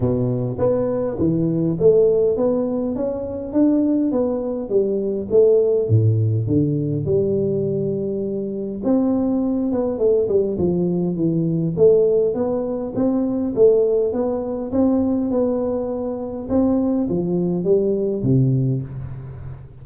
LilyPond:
\new Staff \with { instrumentName = "tuba" } { \time 4/4 \tempo 4 = 102 b,4 b4 e4 a4 | b4 cis'4 d'4 b4 | g4 a4 a,4 d4 | g2. c'4~ |
c'8 b8 a8 g8 f4 e4 | a4 b4 c'4 a4 | b4 c'4 b2 | c'4 f4 g4 c4 | }